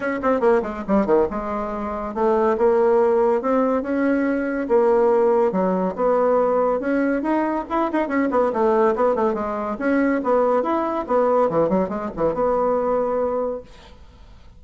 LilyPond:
\new Staff \with { instrumentName = "bassoon" } { \time 4/4 \tempo 4 = 141 cis'8 c'8 ais8 gis8 g8 dis8 gis4~ | gis4 a4 ais2 | c'4 cis'2 ais4~ | ais4 fis4 b2 |
cis'4 dis'4 e'8 dis'8 cis'8 b8 | a4 b8 a8 gis4 cis'4 | b4 e'4 b4 e8 fis8 | gis8 e8 b2. | }